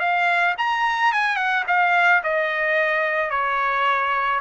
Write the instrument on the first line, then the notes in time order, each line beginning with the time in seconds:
trumpet
0.00 F5
0.58 A#5
1.13 G#5
1.37 F#5
1.68 F5
2.24 D#5
3.30 C#5